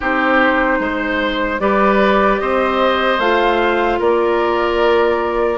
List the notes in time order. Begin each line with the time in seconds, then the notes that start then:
0.00 C4 D#4 G4 C5
0.79 G#3 C5
1.59 G3 G4 B4 D5
2.39 C4 C5 D#5
3.19 A3 F4 F5
3.99 A#3 A#4 D5